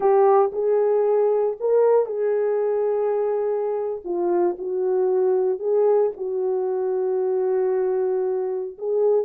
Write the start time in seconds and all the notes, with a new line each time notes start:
0.00 G4
0.52 G#4
1.59 A#4
2.06 G#4
4.04 F4
4.58 F#4
5.59 G#4
6.17 F#4
8.77 G#4